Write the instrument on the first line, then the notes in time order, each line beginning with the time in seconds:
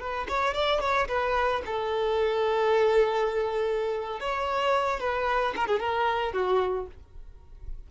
violin
0.00 B4
0.29 C#5
0.54 D5
0.81 C#5
1.08 B4
1.66 A4
4.20 C#5
5.00 B4
5.56 A#4
5.68 G#4
5.80 A#4
6.33 F#4